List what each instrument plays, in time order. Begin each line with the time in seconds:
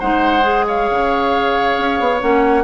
0.00 bassoon G#3, clarinet D#4, oboe C5, flute F#5
0.43 clarinet G#4
0.68 oboe C#5, flute F5
0.91 bassoon C#3
1.78 bassoon C#4
2.00 bassoon B3
2.21 bassoon A#3, clarinet C#4, flute F#5